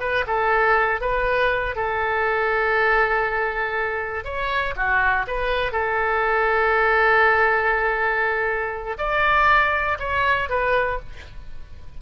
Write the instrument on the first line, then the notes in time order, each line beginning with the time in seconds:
oboe
0.00 B4
0.27 A4
1.01 B4
1.75 A4
4.24 C#5
4.76 F#4
5.27 B4
5.72 A4
8.98 D5
9.99 C#5
10.49 B4